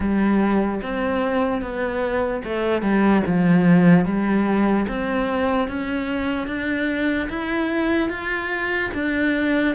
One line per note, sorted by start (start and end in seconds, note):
0.00 0.81 G3
0.82 1.61 C4
1.61 2.43 B3
2.44 2.82 A3
2.82 3.22 G3
3.26 4.05 F3
4.05 4.86 G3
4.88 5.68 C4
5.68 6.47 C#4
6.47 7.28 D4
7.29 8.09 E4
8.09 8.90 F4
8.94 9.75 D4